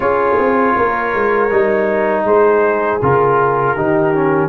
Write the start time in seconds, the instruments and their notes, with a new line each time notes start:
0.00 tuba C#4, trombone F4, horn G#4, trumpet C#5
0.38 tuba C4
0.77 tuba A#3, horn A#4
1.14 tuba G#3
1.50 tuba G3, trombone D#4
2.24 tuba G#3, horn G#4, trumpet C5
3.02 tuba C#3, trombone F4, trumpet A#4
3.74 tuba D#3, trombone D#4, horn G4
4.14 trombone C#4